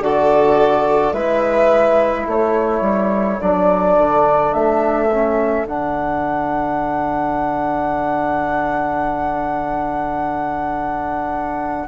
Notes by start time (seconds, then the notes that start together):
0.00 D3 F#4 A4 D5
1.13 G#3 E4 B4 E5
2.25 A3 A4 C#5
2.81 G3
3.41 F#3 D4 D5
3.98 D3
4.54 A3 E5
5.12 C#4
5.67 D3 D4 F#5